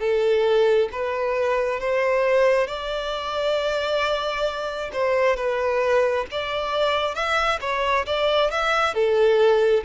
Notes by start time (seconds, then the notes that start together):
0.00 A4
0.92 B4
1.80 C5
2.67 D5
4.93 C5
5.36 B4
6.31 D5
7.15 E5
7.61 C#5
8.06 D5
8.51 E5
8.94 A4